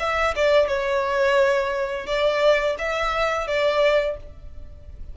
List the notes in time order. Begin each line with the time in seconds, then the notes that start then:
0.00 E5
0.36 D5
0.68 C#5
2.07 D5
2.79 E5
3.48 D5